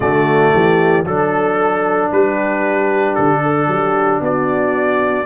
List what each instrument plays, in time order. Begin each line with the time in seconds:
0.00 tuba D3, trombone A3, horn F#4, trumpet D5
0.53 tuba E3, horn G4
1.05 tuba F#3, trombone D4, horn A4, trumpet A4
2.11 tuba G3, horn G4, trumpet B4
3.14 tuba D3, trumpet A4
3.41 horn A4
3.67 tuba F#3, horn G4
4.20 tuba B3, horn F#4, trumpet D5